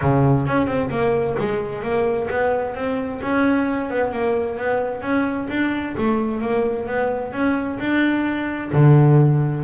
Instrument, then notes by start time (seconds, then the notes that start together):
double bass
0.01 C#3
0.46 C#4
0.66 C4
0.90 A#3
1.38 G#3
1.82 A#3
2.30 B3
2.74 C4
3.22 C#4
3.89 B3
4.11 A#3
4.57 B3
5.01 C#4
5.49 D4
5.97 A3
6.41 A#3
6.86 B3
7.32 C#4
7.79 D4
8.73 D3